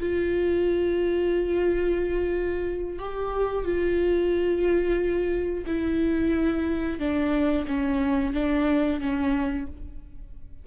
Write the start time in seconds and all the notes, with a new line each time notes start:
0.00 F4
2.99 G4
3.65 F4
5.66 E4
7.00 D4
7.68 C#4
8.34 D4
9.01 C#4